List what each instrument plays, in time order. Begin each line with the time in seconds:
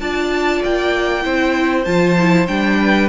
0.00 cello D4, viola F4, violin D5 A5
0.65 cello A#3, violin G5
1.23 cello C4, viola E4, violin C5
1.85 cello F3, viola F4, violin A5
2.20 viola E4
2.48 cello G3, viola D4, violin G5
2.82 violin B4